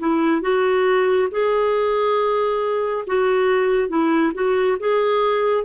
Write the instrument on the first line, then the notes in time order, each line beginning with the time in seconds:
clarinet
0.00 E4
0.42 F#4
1.31 G#4
3.07 F#4
3.89 E4
4.34 F#4
4.80 G#4